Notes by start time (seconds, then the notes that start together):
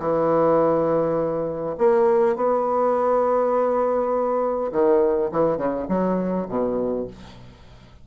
0.00 E3
1.79 A#3
2.37 B3
4.72 D#3
5.32 E3
5.58 C#3
5.89 F#3
6.49 B2